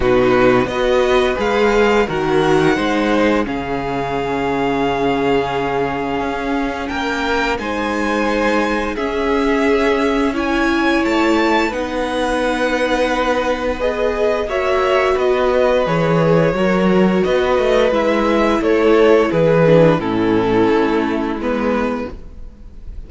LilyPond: <<
  \new Staff \with { instrumentName = "violin" } { \time 4/4 \tempo 4 = 87 b'4 dis''4 f''4 fis''4~ | fis''4 f''2.~ | f''2 g''4 gis''4~ | gis''4 e''2 gis''4 |
a''4 fis''2. | dis''4 e''4 dis''4 cis''4~ | cis''4 dis''4 e''4 cis''4 | b'4 a'2 b'4 | }
  \new Staff \with { instrumentName = "violin" } { \time 4/4 fis'4 b'2 ais'4 | c''4 gis'2.~ | gis'2 ais'4 c''4~ | c''4 gis'2 cis''4~ |
cis''4 b'2.~ | b'4 cis''4 b'2 | ais'4 b'2 a'4 | gis'4 e'2. | }
  \new Staff \with { instrumentName = "viola" } { \time 4/4 dis'4 fis'4 gis'4 fis'4 | dis'4 cis'2.~ | cis'2. dis'4~ | dis'4 cis'2 e'4~ |
e'4 dis'2. | gis'4 fis'2 gis'4 | fis'2 e'2~ | e'8 d'8 cis'2 b4 | }
  \new Staff \with { instrumentName = "cello" } { \time 4/4 b,4 b4 gis4 dis4 | gis4 cis2.~ | cis4 cis'4 ais4 gis4~ | gis4 cis'2. |
a4 b2.~ | b4 ais4 b4 e4 | fis4 b8 a8 gis4 a4 | e4 a,4 a4 gis4 | }
>>